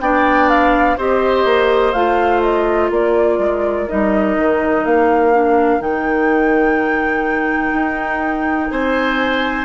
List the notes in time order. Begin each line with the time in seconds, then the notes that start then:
0.00 B3 D4 D5 G5
0.49 F5
0.97 C4 G4 C5 D#5
1.45 A#3
1.93 A3 F4 F5
2.42 D#5
2.90 A#3 A#4 D5
3.38 G#3
3.88 G3 D#4 D#5
4.37 D#3
4.85 A#3 F5
5.32 D4
5.79 D#3 D#4 G5
7.73 D#4
8.71 C4 C5 G#5